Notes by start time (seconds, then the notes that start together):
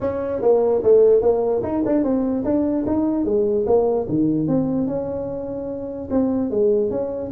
0.01 C#4
0.41 A#3
0.83 A3
1.21 A#3
1.62 D#4
1.85 D4
2.03 C4
2.44 D4
2.86 D#4
3.24 G#3
3.66 A#3
4.08 D#3
4.47 C4
4.87 C#4
6.10 C4
6.50 G#3
6.90 C#4